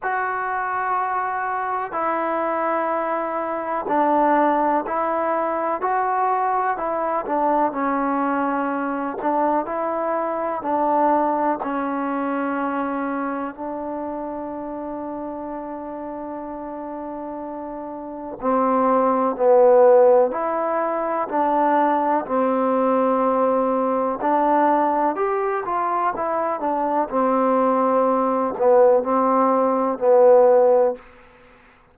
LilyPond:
\new Staff \with { instrumentName = "trombone" } { \time 4/4 \tempo 4 = 62 fis'2 e'2 | d'4 e'4 fis'4 e'8 d'8 | cis'4. d'8 e'4 d'4 | cis'2 d'2~ |
d'2. c'4 | b4 e'4 d'4 c'4~ | c'4 d'4 g'8 f'8 e'8 d'8 | c'4. b8 c'4 b4 | }